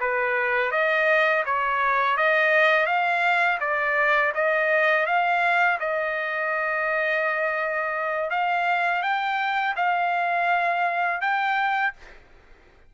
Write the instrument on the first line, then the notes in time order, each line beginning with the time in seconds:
trumpet
0.00 B4
0.71 D#5
1.45 C#5
2.17 D#5
2.86 F5
3.60 D5
4.34 D#5
5.06 F5
5.80 D#5
8.30 F5
9.02 G5
9.76 F5
11.20 G5